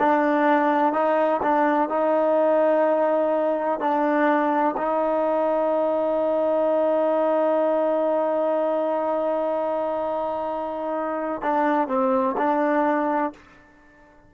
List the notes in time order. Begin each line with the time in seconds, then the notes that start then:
0.00 D4
0.94 D#4
1.43 D4
1.90 D#4
3.80 D4
4.77 D#4
11.42 D4
11.88 C4
12.38 D4